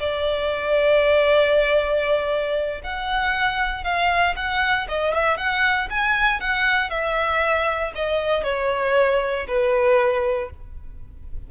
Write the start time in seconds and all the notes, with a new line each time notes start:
0.00 D5
2.84 F#5
3.85 F5
4.36 F#5
4.89 D#5
5.14 E5
5.38 F#5
5.90 G#5
6.41 F#5
6.90 E5
7.96 D#5
8.44 C#5
9.48 B4